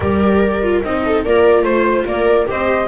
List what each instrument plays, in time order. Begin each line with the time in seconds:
0.00 double bass G3, viola G4 A#4, flute D5
0.62 viola F4
0.82 double bass C4, viola D#4, flute D#5
1.05 viola A4
1.24 double bass A#3, viola F4 A#4, flute D5
1.62 double bass A3, flute C5, viola C5
2.05 double bass A#3, viola A#4, flute D5
2.46 double bass C4, viola G4 C5, flute D#5